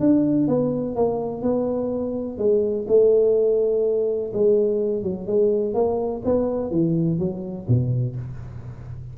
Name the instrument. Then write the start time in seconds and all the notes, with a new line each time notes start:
tuba
0.00 D4
0.48 B3
0.96 A#3
1.42 B3
2.38 G#3
2.88 A3
4.33 G#3
5.03 F#3
5.27 G#3
5.74 A#3
6.25 B3
6.71 E3
7.19 F#3
7.68 B2